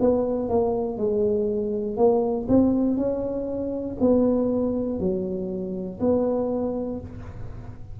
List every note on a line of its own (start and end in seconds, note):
0.00 0.49 B3
0.49 0.98 A#3
0.98 1.96 G#3
1.96 2.46 A#3
2.48 2.97 C4
2.97 3.97 C#4
4.00 4.99 B3
4.99 5.99 F#3
6.00 7.00 B3